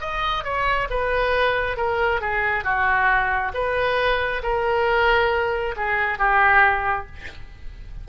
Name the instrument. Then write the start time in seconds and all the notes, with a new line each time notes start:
oboe
0.00 D#5
0.44 C#5
0.90 B4
1.77 A#4
2.21 G#4
2.64 F#4
3.54 B4
4.43 A#4
5.76 G#4
6.18 G4